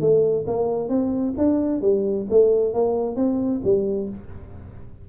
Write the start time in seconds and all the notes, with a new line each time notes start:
0.00 A3
0.47 A#3
0.89 C4
1.37 D4
1.81 G3
2.30 A3
2.73 A#3
3.16 C4
3.64 G3